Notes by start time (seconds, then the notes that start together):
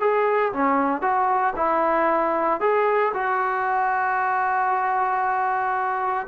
0.00 G#4
0.53 C#4
1.01 F#4
1.56 E4
2.60 G#4
3.13 F#4